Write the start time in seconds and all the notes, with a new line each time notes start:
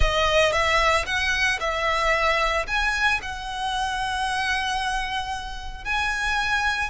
0.00 D#5
0.52 E5
1.06 F#5
1.60 E5
2.67 G#5
3.21 F#5
5.84 G#5